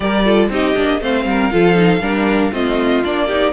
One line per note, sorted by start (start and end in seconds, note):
0.00 0.49 G3
0.00 0.23 G4
0.00 0.25 A#4
0.00 0.48 D5
0.25 0.50 F4
0.25 0.50 A4
0.49 0.74 C4
0.49 0.75 D#4
0.49 1.00 G4
0.49 1.03 D#5
0.75 1.01 A#3
0.75 1.00 D4
1.00 1.25 A3
1.00 1.51 C4
1.00 1.26 C5
1.00 2.53 F5
1.25 1.50 G3
1.25 1.53 A#4
1.51 2.00 F3
1.51 1.74 F4
1.51 2.02 A4
1.74 1.99 D#4
2.00 2.50 G3
2.00 2.52 D4
2.00 2.52 A#4
2.52 3.03 A3
2.52 3.02 C4
2.52 3.26 F4
2.52 3.04 D#5
3.04 3.53 A#3
3.04 3.29 D4
3.04 3.53 D5
3.26 3.53 D#4
3.26 3.52 G4